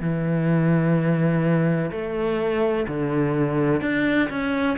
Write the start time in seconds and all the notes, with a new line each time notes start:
0.00 E3
1.91 A3
2.87 D3
3.81 D4
4.29 C#4